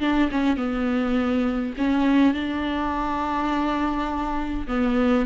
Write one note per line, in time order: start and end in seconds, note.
0.00 0.29 D4
0.31 0.56 C#4
0.56 1.73 B3
1.78 2.34 C#4
2.34 4.67 D4
4.67 5.26 B3